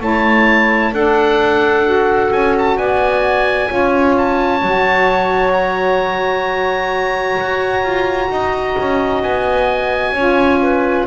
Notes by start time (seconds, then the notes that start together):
0.00 A3 E4 C#5 A5
0.92 D4 A4 F#5
1.84 F#4
2.32 C#4 G#5
2.58 A5
2.77 B3 D5 G#5
3.67 C#4 F4 C#5
4.18 A5
4.62 F#3 F#4
5.53 A#5
7.40 F#4
7.83 F4
8.30 D#4 D#5
8.79 C#4
9.23 B3 G#5
10.13 C#4 F4 C#5
10.62 B4